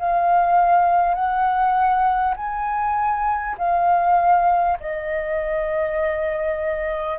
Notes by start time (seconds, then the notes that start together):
0.00 F5
1.15 F#5
2.37 G#5
3.58 F5
4.81 D#5